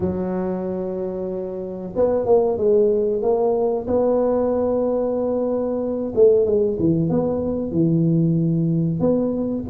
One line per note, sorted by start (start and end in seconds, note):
0.00 1.93 F#3
1.95 2.25 B3
2.25 2.57 A#3
2.57 3.21 G#3
3.21 3.86 A#3
3.87 6.13 B3
6.15 6.45 A3
6.45 6.77 G#3
6.79 7.09 E3
7.09 7.71 B3
7.71 8.99 E3
8.99 9.64 B3